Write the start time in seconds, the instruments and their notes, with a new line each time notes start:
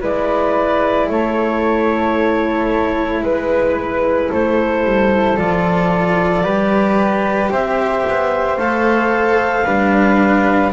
0.00 double bass G#3, cello E4, flute B4, clarinet D5
1.09 double bass A3, flute A4, clarinet C#5
3.22 double bass G#3, flute B4, clarinet B4
4.29 double bass A3, flute A4, clarinet C5
4.84 double bass G3
5.37 double bass F3, cello F4, clarinet D5
6.43 double bass G3, cello G4, flute B4
7.51 double bass C4, flute C5, clarinet E5
8.08 double bass B3
8.57 double bass A3, cello A4, clarinet F5
9.64 double bass G3, cello D4, flute B4